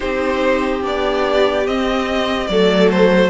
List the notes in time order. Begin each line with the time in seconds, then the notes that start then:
0.00 C4 D#4 G4 C5
0.81 B3 D4 D5
1.65 C4 D#5
2.47 F#3 A3 A4 D5
2.90 C5